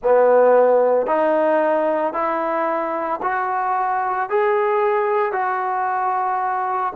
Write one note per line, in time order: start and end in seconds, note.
0.02 1.07 B3
1.07 2.13 D#4
2.13 3.20 E4
3.22 4.29 F#4
4.29 5.32 G#4
5.32 6.93 F#4